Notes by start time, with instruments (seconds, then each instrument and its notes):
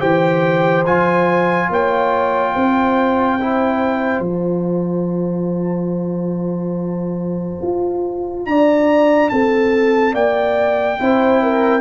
0.00 tuba E3, trombone G4, horn C5, trumpet G5
0.86 tuba F3, trombone F4, trumpet G#5
1.70 tuba A#3, horn C#5, trumpet G5
2.54 tuba C4, horn C5
3.41 trombone E4
4.20 tuba F3, trombone F4, trumpet A5
7.62 tuba F4
8.46 tuba D4, horn D5, trumpet A#5
9.30 tuba C4, horn A4, trumpet A5
10.14 tuba A#3, horn D5, trumpet G5
11.00 tuba C4, trombone E4, horn C5
11.43 horn A#4